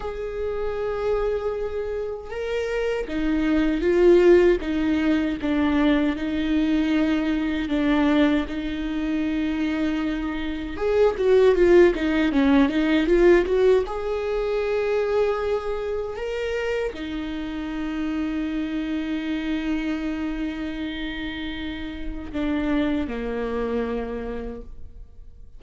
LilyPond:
\new Staff \with { instrumentName = "viola" } { \time 4/4 \tempo 4 = 78 gis'2. ais'4 | dis'4 f'4 dis'4 d'4 | dis'2 d'4 dis'4~ | dis'2 gis'8 fis'8 f'8 dis'8 |
cis'8 dis'8 f'8 fis'8 gis'2~ | gis'4 ais'4 dis'2~ | dis'1~ | dis'4 d'4 ais2 | }